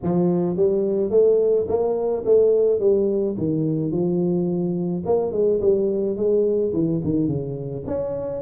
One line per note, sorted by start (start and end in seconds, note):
0.03 0.56 F3
0.56 1.10 G3
1.10 1.66 A3
1.68 2.24 A#3
2.25 2.79 A3
2.79 3.35 G3
3.37 3.91 D#3
3.91 5.03 F3
5.05 5.31 A#3
5.31 5.59 G#3
5.60 6.16 G3
6.16 6.72 G#3
6.73 7.01 E3
7.03 7.27 D#3
7.27 7.84 C#3
7.86 8.41 C#4